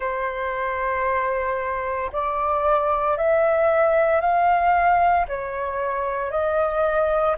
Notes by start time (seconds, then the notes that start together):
0.00 C5
2.12 D5
3.17 E5
4.21 F5
5.28 C#5
6.31 D#5